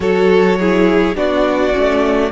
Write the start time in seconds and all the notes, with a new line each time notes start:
0.00 F#3 F#4 A4 C#5
0.59 E4 G#4
1.15 B3 D4 F#4 D5
1.73 A3 C#4